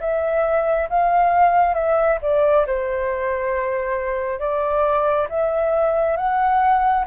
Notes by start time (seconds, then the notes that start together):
0.00 E5
0.89 F5
1.74 E5
2.22 D5
2.67 C5
4.39 D5
5.29 E5
6.17 F#5